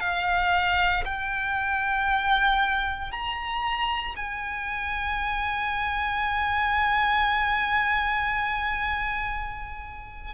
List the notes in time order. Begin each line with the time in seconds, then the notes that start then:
0.00 F5
1.05 G5
3.11 A#5
4.16 G#5